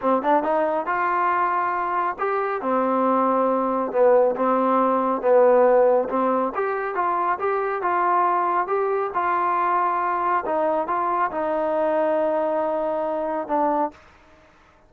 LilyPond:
\new Staff \with { instrumentName = "trombone" } { \time 4/4 \tempo 4 = 138 c'8 d'8 dis'4 f'2~ | f'4 g'4 c'2~ | c'4 b4 c'2 | b2 c'4 g'4 |
f'4 g'4 f'2 | g'4 f'2. | dis'4 f'4 dis'2~ | dis'2. d'4 | }